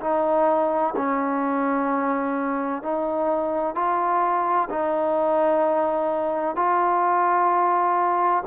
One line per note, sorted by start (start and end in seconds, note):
0.00 0.94 D#4
0.96 2.82 C#4
2.82 3.75 D#4
3.75 4.68 F4
4.70 6.55 D#4
6.55 8.43 F4